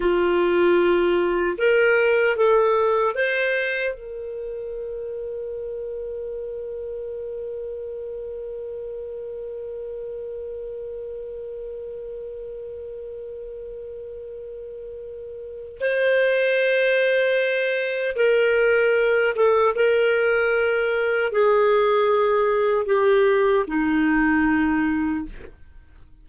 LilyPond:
\new Staff \with { instrumentName = "clarinet" } { \time 4/4 \tempo 4 = 76 f'2 ais'4 a'4 | c''4 ais'2.~ | ais'1~ | ais'1~ |
ais'1 | c''2. ais'4~ | ais'8 a'8 ais'2 gis'4~ | gis'4 g'4 dis'2 | }